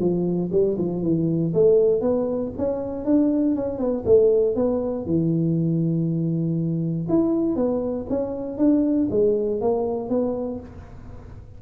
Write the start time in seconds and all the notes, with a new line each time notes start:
0.00 F3
0.52 G3
0.79 F3
1.03 E3
1.54 A3
2.02 B3
2.58 C#4
3.05 D4
3.56 C#4
3.79 B3
4.06 A3
4.56 B3
5.06 E3
7.10 E4
7.56 B3
8.10 C#4
8.58 D4
9.11 G#3
9.62 A#3
10.10 B3